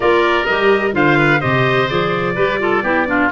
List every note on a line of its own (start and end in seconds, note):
0.00 0.47 A#3
0.00 0.45 F4
0.00 0.94 A#4
0.00 0.45 D5
0.45 0.93 G3
0.45 0.91 G4
0.45 0.93 D#5
0.91 1.41 D3
0.91 1.39 F4
0.91 1.18 C5
0.91 1.41 F5
1.18 1.40 B4
1.40 1.90 C3
1.40 1.87 G4
1.40 2.34 C5
1.40 1.88 D#5
1.87 2.37 F3
1.87 2.35 G#4
1.87 3.30 D5
2.35 2.83 G3
2.35 2.58 G4
2.35 2.58 B4
2.58 2.82 F4
2.58 2.83 A4
2.83 3.30 B3
2.83 3.06 E4
2.83 3.06 G4
3.06 3.30 D4
3.06 3.31 F4